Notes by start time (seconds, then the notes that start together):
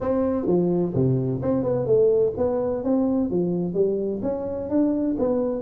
0.00 C4
0.46 F3
0.94 C3
1.42 C4
1.63 B3
1.86 A3
2.37 B3
2.83 C4
3.30 F3
3.74 G3
4.22 C#4
4.69 D4
5.18 B3